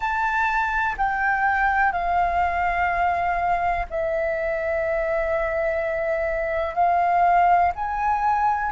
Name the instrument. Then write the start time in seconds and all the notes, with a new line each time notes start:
flute
0.00 A5
0.97 G5
1.92 F5
3.89 E5
6.75 F5
7.75 G#5